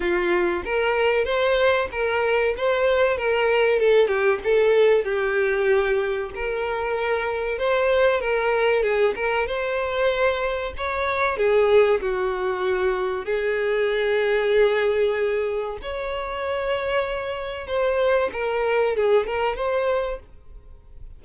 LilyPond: \new Staff \with { instrumentName = "violin" } { \time 4/4 \tempo 4 = 95 f'4 ais'4 c''4 ais'4 | c''4 ais'4 a'8 g'8 a'4 | g'2 ais'2 | c''4 ais'4 gis'8 ais'8 c''4~ |
c''4 cis''4 gis'4 fis'4~ | fis'4 gis'2.~ | gis'4 cis''2. | c''4 ais'4 gis'8 ais'8 c''4 | }